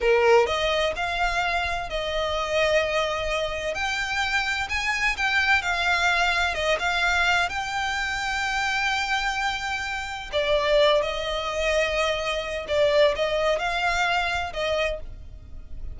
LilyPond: \new Staff \with { instrumentName = "violin" } { \time 4/4 \tempo 4 = 128 ais'4 dis''4 f''2 | dis''1 | g''2 gis''4 g''4 | f''2 dis''8 f''4. |
g''1~ | g''2 d''4. dis''8~ | dis''2. d''4 | dis''4 f''2 dis''4 | }